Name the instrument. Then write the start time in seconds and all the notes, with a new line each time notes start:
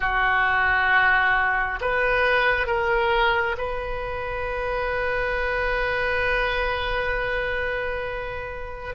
oboe
0.00 F#4
1.80 B4
2.66 A#4
3.57 B4